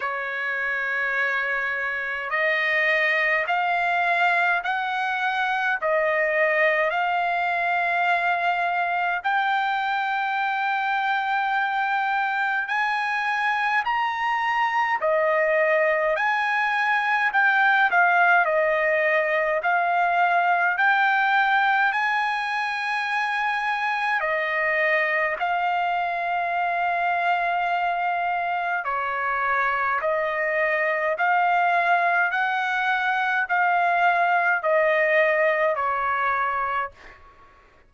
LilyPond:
\new Staff \with { instrumentName = "trumpet" } { \time 4/4 \tempo 4 = 52 cis''2 dis''4 f''4 | fis''4 dis''4 f''2 | g''2. gis''4 | ais''4 dis''4 gis''4 g''8 f''8 |
dis''4 f''4 g''4 gis''4~ | gis''4 dis''4 f''2~ | f''4 cis''4 dis''4 f''4 | fis''4 f''4 dis''4 cis''4 | }